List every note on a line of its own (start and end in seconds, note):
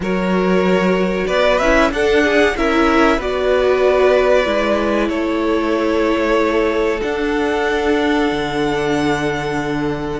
0.00 1.24 F#3
0.00 1.62 F#4
0.00 1.26 A#4
0.00 1.27 C#5
1.26 1.60 B3
1.26 1.90 B4
1.26 1.58 D5
1.58 1.91 C#4
1.58 1.93 E4
1.58 1.90 E5
1.91 2.54 D4
1.91 2.56 D4
1.91 2.23 A4
1.91 2.56 F#5
2.23 2.55 G#4
2.56 3.18 C#4
2.56 3.20 E4
2.56 3.16 A#4
2.56 3.20 E5
3.16 4.45 B3
3.16 4.45 F#4
3.16 5.08 B4
3.16 5.09 D5
4.45 5.09 G#3
4.45 7.00 E4
5.09 7.00 A3
5.09 10.20 A4
5.09 7.00 C#5
7.01 10.20 D4
7.01 8.31 D4
7.01 10.20 F#5
8.31 10.20 D3